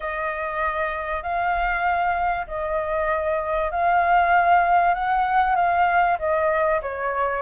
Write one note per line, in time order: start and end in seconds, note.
0.00 1.22 D#5
1.22 2.46 F5
2.47 3.71 D#5
3.71 4.94 F5
4.94 5.55 F#5
5.55 6.17 F5
6.19 6.80 D#5
6.82 7.41 C#5